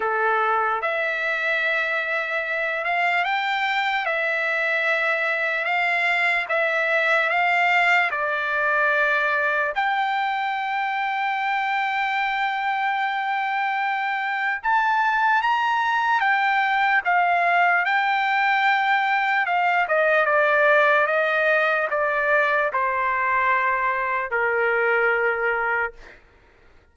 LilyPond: \new Staff \with { instrumentName = "trumpet" } { \time 4/4 \tempo 4 = 74 a'4 e''2~ e''8 f''8 | g''4 e''2 f''4 | e''4 f''4 d''2 | g''1~ |
g''2 a''4 ais''4 | g''4 f''4 g''2 | f''8 dis''8 d''4 dis''4 d''4 | c''2 ais'2 | }